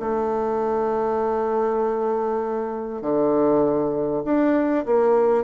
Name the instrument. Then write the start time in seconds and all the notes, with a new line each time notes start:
bassoon
0.00 A3
3.02 D3
4.25 D4
4.86 A#3